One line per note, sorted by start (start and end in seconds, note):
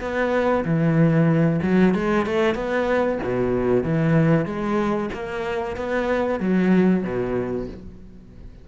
0.00 0.64 B3
0.64 1.60 E3
1.62 1.94 F#3
1.94 2.26 G#3
2.26 2.54 A3
2.54 3.18 B3
3.23 3.83 B2
3.83 4.45 E3
4.45 5.09 G#3
5.13 5.76 A#3
5.76 6.39 B3
6.39 7.03 F#3
7.03 7.67 B2